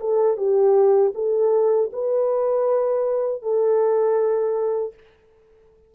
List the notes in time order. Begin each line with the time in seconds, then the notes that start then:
0.00 A4
0.37 G4
1.14 A4
1.93 B4
3.42 A4